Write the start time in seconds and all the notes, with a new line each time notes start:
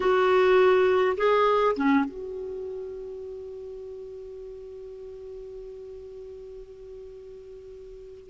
0.00 F#4
1.17 G#4
1.76 C#4
2.04 F#4